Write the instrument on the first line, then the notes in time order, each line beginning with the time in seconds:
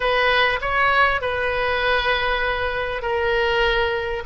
oboe
0.00 B4
0.61 C#5
1.21 B4
3.01 A#4